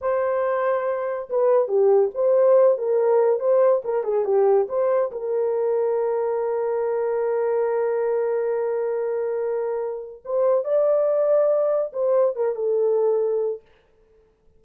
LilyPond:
\new Staff \with { instrumentName = "horn" } { \time 4/4 \tempo 4 = 141 c''2. b'4 | g'4 c''4. ais'4. | c''4 ais'8 gis'8 g'4 c''4 | ais'1~ |
ais'1~ | ais'1 | c''4 d''2. | c''4 ais'8 a'2~ a'8 | }